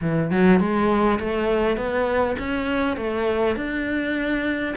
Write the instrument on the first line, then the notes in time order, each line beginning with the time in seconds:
cello
0.01 E3
0.30 F#3
0.59 G#3
1.19 A3
1.76 B3
2.38 C#4
2.96 A3
3.55 D4